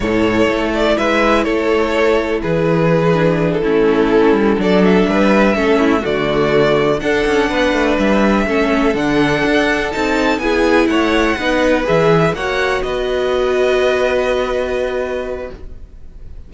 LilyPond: <<
  \new Staff \with { instrumentName = "violin" } { \time 4/4 \tempo 4 = 124 cis''4. d''8 e''4 cis''4~ | cis''4 b'2~ b'16 a'8.~ | a'4. d''8 e''2~ | e''8 d''2 fis''4.~ |
fis''8 e''2 fis''4.~ | fis''8 a''4 gis''4 fis''4.~ | fis''8 e''4 fis''4 dis''4.~ | dis''1 | }
  \new Staff \with { instrumentName = "violin" } { \time 4/4 a'2 b'4 a'4~ | a'4 gis'2~ gis'8 e'8~ | e'4. a'4 b'4 a'8 | e'8 fis'2 a'4 b'8~ |
b'4. a'2~ a'8~ | a'4. gis'4 cis''4 b'8~ | b'4. cis''4 b'4.~ | b'1 | }
  \new Staff \with { instrumentName = "viola" } { \time 4/4 e'1~ | e'2~ e'8 d'4 cis'8~ | cis'4. d'2 cis'8~ | cis'8 a2 d'4.~ |
d'4. cis'4 d'4.~ | d'8 dis'4 e'2 dis'8~ | dis'8 gis'4 fis'2~ fis'8~ | fis'1 | }
  \new Staff \with { instrumentName = "cello" } { \time 4/4 a,4 a4 gis4 a4~ | a4 e2~ e8 a8~ | a4 g8 fis4 g4 a8~ | a8 d2 d'8 cis'8 b8 |
a8 g4 a4 d4 d'8~ | d'8 c'4 b4 a4 b8~ | b8 e4 ais4 b4.~ | b1 | }
>>